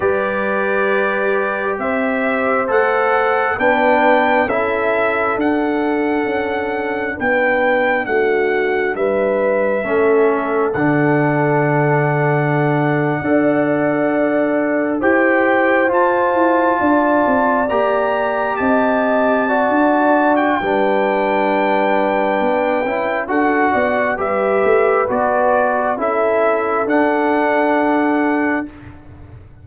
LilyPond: <<
  \new Staff \with { instrumentName = "trumpet" } { \time 4/4 \tempo 4 = 67 d''2 e''4 fis''4 | g''4 e''4 fis''2 | g''4 fis''4 e''2 | fis''1~ |
fis''8. g''4 a''2 ais''16~ | ais''8. a''2 g''4~ g''16~ | g''2 fis''4 e''4 | d''4 e''4 fis''2 | }
  \new Staff \with { instrumentName = "horn" } { \time 4/4 b'2 c''2 | b'4 a'2. | b'4 fis'4 b'4 a'4~ | a'2~ a'8. d''4~ d''16~ |
d''8. c''2 d''4~ d''16~ | d''8. dis''4 d''4~ d''16 b'4~ | b'2 a'8 d''8 b'4~ | b'4 a'2. | }
  \new Staff \with { instrumentName = "trombone" } { \time 4/4 g'2. a'4 | d'4 e'4 d'2~ | d'2. cis'4 | d'2~ d'8. a'4~ a'16~ |
a'8. g'4 f'2 g'16~ | g'4.~ g'16 fis'4~ fis'16 d'4~ | d'4. e'8 fis'4 g'4 | fis'4 e'4 d'2 | }
  \new Staff \with { instrumentName = "tuba" } { \time 4/4 g2 c'4 a4 | b4 cis'4 d'4 cis'4 | b4 a4 g4 a4 | d2~ d8. d'4~ d'16~ |
d'8. e'4 f'8 e'8 d'8 c'8 ais16~ | ais8. c'4~ c'16 d'4 g4~ | g4 b8 cis'8 d'8 b8 g8 a8 | b4 cis'4 d'2 | }
>>